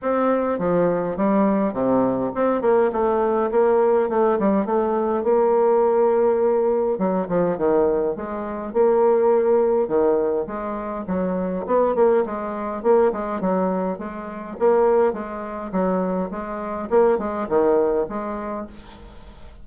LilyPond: \new Staff \with { instrumentName = "bassoon" } { \time 4/4 \tempo 4 = 103 c'4 f4 g4 c4 | c'8 ais8 a4 ais4 a8 g8 | a4 ais2. | fis8 f8 dis4 gis4 ais4~ |
ais4 dis4 gis4 fis4 | b8 ais8 gis4 ais8 gis8 fis4 | gis4 ais4 gis4 fis4 | gis4 ais8 gis8 dis4 gis4 | }